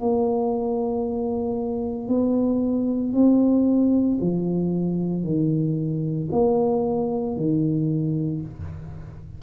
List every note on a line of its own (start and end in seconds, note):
0.00 2.08 A#3
2.08 3.13 B3
3.13 4.19 C4
4.21 5.24 F3
5.24 6.29 D#3
6.32 7.37 A#3
7.37 8.42 D#3